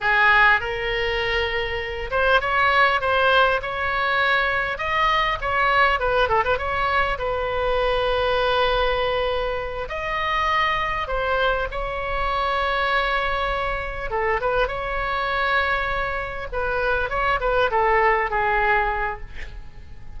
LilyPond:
\new Staff \with { instrumentName = "oboe" } { \time 4/4 \tempo 4 = 100 gis'4 ais'2~ ais'8 c''8 | cis''4 c''4 cis''2 | dis''4 cis''4 b'8 a'16 b'16 cis''4 | b'1~ |
b'8 dis''2 c''4 cis''8~ | cis''2.~ cis''8 a'8 | b'8 cis''2. b'8~ | b'8 cis''8 b'8 a'4 gis'4. | }